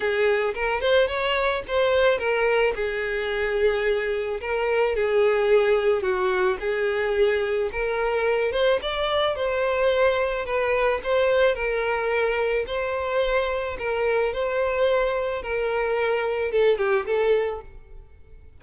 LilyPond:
\new Staff \with { instrumentName = "violin" } { \time 4/4 \tempo 4 = 109 gis'4 ais'8 c''8 cis''4 c''4 | ais'4 gis'2. | ais'4 gis'2 fis'4 | gis'2 ais'4. c''8 |
d''4 c''2 b'4 | c''4 ais'2 c''4~ | c''4 ais'4 c''2 | ais'2 a'8 g'8 a'4 | }